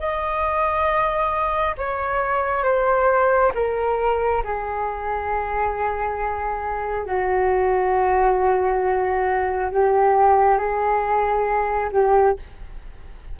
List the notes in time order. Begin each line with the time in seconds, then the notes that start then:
0.00 D#5
1.78 C#5
2.64 C5
3.55 A#4
4.44 G#4
7.06 F#4
9.72 G4
10.58 G#4
11.92 G4